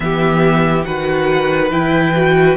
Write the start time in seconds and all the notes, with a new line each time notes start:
0.00 E3 B3 G4 E5
0.83 D#3 F#4 B4 F#5
1.70 E3 E4 G5
2.15 F#4